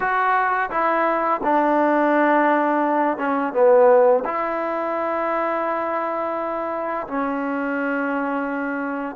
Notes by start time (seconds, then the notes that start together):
0.00 F#4
0.70 E4
1.43 D4
3.17 C#4
3.53 B3
4.24 E4
7.07 C#4